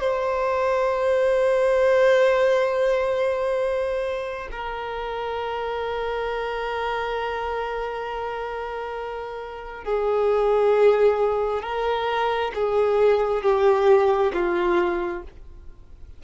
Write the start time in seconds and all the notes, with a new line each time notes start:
0.00 C5
4.51 A#4
9.84 G#4
11.62 A#4
12.54 G#4
13.42 G4
14.33 F4